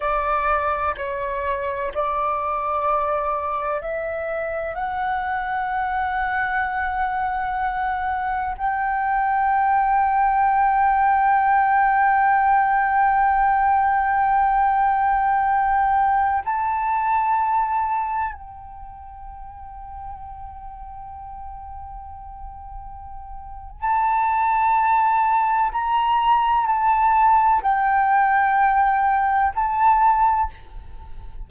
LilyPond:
\new Staff \with { instrumentName = "flute" } { \time 4/4 \tempo 4 = 63 d''4 cis''4 d''2 | e''4 fis''2.~ | fis''4 g''2.~ | g''1~ |
g''4~ g''16 a''2 g''8.~ | g''1~ | g''4 a''2 ais''4 | a''4 g''2 a''4 | }